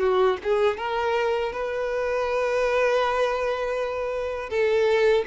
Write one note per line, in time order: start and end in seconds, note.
0.00 0.38 F#4
0.43 0.78 G#4
0.78 1.53 A#4
1.53 4.50 B4
4.50 5.25 A4